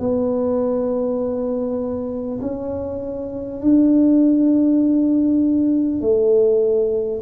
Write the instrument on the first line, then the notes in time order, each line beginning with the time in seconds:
tuba
0.00 B3
2.42 C#4
3.61 D4
6.01 A3